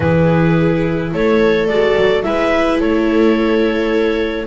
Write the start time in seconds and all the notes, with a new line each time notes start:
0.00 E3 E4 G#4 B4
1.13 A3 A4 C#5
1.67 G#3 F#4 D5
1.97 F#3
2.22 G#3 E4 B4 E5
2.79 A3 A4 C#5